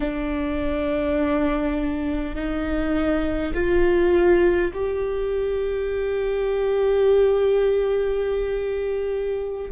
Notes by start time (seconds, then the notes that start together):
0.00 D4
2.35 D#4
3.53 F4
4.73 G4